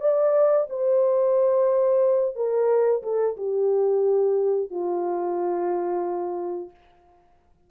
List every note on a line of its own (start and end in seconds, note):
0.00 0.67 D5
0.69 2.35 C5
2.35 3.02 A#4
3.03 3.36 A4
3.37 4.70 G4
4.70 6.70 F4